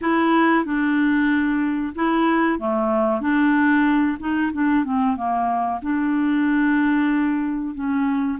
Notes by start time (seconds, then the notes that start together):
0.01 E4
0.65 D4
1.95 E4
2.59 A3
3.21 D4
4.19 D#4
4.52 D4
4.84 C4
5.16 A#3
5.82 D4
7.74 C#4